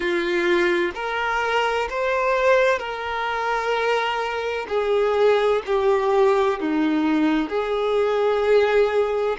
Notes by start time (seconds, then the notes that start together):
0.00 F4
0.94 A#4
1.89 C5
2.79 A#4
4.68 G#4
5.65 G4
6.60 D#4
7.49 G#4